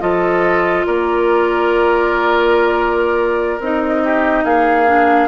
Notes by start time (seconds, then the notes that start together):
0.00 F3 F4 A4 D#5
0.86 A#3 A#4 D5
3.59 C4 D#4 D#5
4.04 G4
4.44 A#3 G#4 F5
4.87 D4